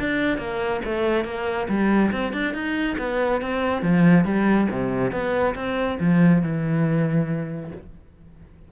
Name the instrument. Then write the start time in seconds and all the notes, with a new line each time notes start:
cello
0.00 D4
0.38 A#3
0.85 A3
1.25 A#3
1.69 G3
2.12 C4
2.33 D4
2.54 D#4
2.98 B3
3.42 C4
3.82 F3
4.25 G3
4.70 C3
5.12 B3
5.55 C4
6.00 F3
6.43 E3